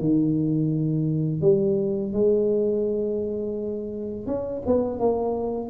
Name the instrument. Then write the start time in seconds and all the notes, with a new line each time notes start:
tuba
0.00 D#3
1.42 G3
2.14 G#3
4.27 C#4
4.67 B3
5.00 A#3